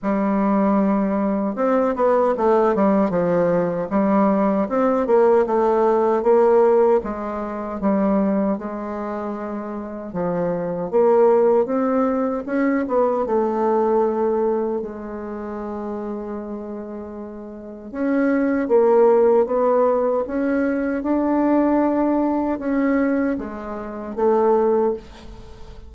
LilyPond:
\new Staff \with { instrumentName = "bassoon" } { \time 4/4 \tempo 4 = 77 g2 c'8 b8 a8 g8 | f4 g4 c'8 ais8 a4 | ais4 gis4 g4 gis4~ | gis4 f4 ais4 c'4 |
cis'8 b8 a2 gis4~ | gis2. cis'4 | ais4 b4 cis'4 d'4~ | d'4 cis'4 gis4 a4 | }